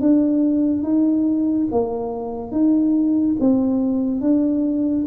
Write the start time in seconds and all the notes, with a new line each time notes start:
0.00 D4
0.83 D#4
1.71 A#3
2.51 D#4
3.39 C4
4.21 D4